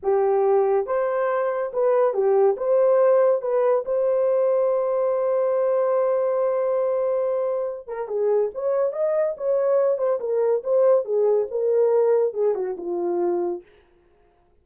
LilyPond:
\new Staff \with { instrumentName = "horn" } { \time 4/4 \tempo 4 = 141 g'2 c''2 | b'4 g'4 c''2 | b'4 c''2.~ | c''1~ |
c''2~ c''8 ais'8 gis'4 | cis''4 dis''4 cis''4. c''8 | ais'4 c''4 gis'4 ais'4~ | ais'4 gis'8 fis'8 f'2 | }